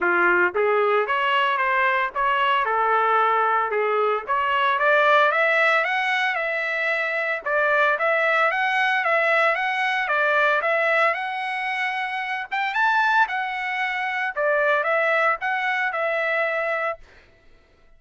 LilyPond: \new Staff \with { instrumentName = "trumpet" } { \time 4/4 \tempo 4 = 113 f'4 gis'4 cis''4 c''4 | cis''4 a'2 gis'4 | cis''4 d''4 e''4 fis''4 | e''2 d''4 e''4 |
fis''4 e''4 fis''4 d''4 | e''4 fis''2~ fis''8 g''8 | a''4 fis''2 d''4 | e''4 fis''4 e''2 | }